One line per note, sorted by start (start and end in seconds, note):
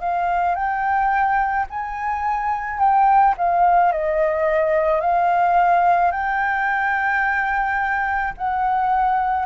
0.00 0.55 F5
0.55 1.66 G5
1.70 2.79 G#5
2.79 3.35 G5
3.37 3.92 F5
3.92 5.01 D#5
5.01 6.11 F5
6.11 8.33 G5
8.37 9.45 F#5